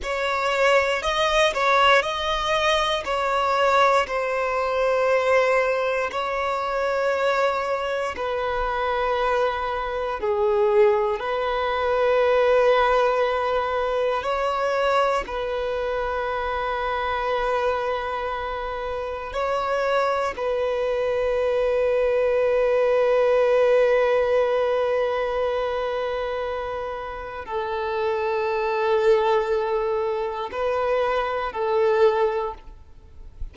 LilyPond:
\new Staff \with { instrumentName = "violin" } { \time 4/4 \tempo 4 = 59 cis''4 dis''8 cis''8 dis''4 cis''4 | c''2 cis''2 | b'2 gis'4 b'4~ | b'2 cis''4 b'4~ |
b'2. cis''4 | b'1~ | b'2. a'4~ | a'2 b'4 a'4 | }